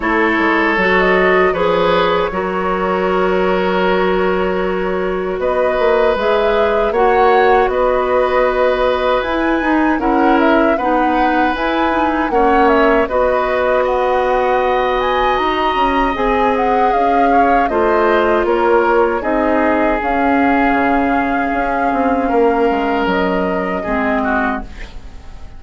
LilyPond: <<
  \new Staff \with { instrumentName = "flute" } { \time 4/4 \tempo 4 = 78 cis''4~ cis''16 dis''8. cis''2~ | cis''2. dis''4 | e''4 fis''4 dis''2 | gis''4 fis''8 e''8 fis''4 gis''4 |
fis''8 e''8 dis''4 fis''4. gis''8 | ais''4 gis''8 fis''8 f''4 dis''4 | cis''4 dis''4 f''2~ | f''2 dis''2 | }
  \new Staff \with { instrumentName = "oboe" } { \time 4/4 a'2 b'4 ais'4~ | ais'2. b'4~ | b'4 cis''4 b'2~ | b'4 ais'4 b'2 |
cis''4 b'4 dis''2~ | dis''2~ dis''8 cis''8 c''4 | ais'4 gis'2.~ | gis'4 ais'2 gis'8 fis'8 | }
  \new Staff \with { instrumentName = "clarinet" } { \time 4/4 e'4 fis'4 gis'4 fis'4~ | fis'1 | gis'4 fis'2. | e'8 dis'8 e'4 dis'4 e'8 dis'8 |
cis'4 fis'2.~ | fis'4 gis'2 f'4~ | f'4 dis'4 cis'2~ | cis'2. c'4 | }
  \new Staff \with { instrumentName = "bassoon" } { \time 4/4 a8 gis8 fis4 f4 fis4~ | fis2. b8 ais8 | gis4 ais4 b2 | e'8 dis'8 cis'4 b4 e'4 |
ais4 b2. | dis'8 cis'8 c'4 cis'4 a4 | ais4 c'4 cis'4 cis4 | cis'8 c'8 ais8 gis8 fis4 gis4 | }
>>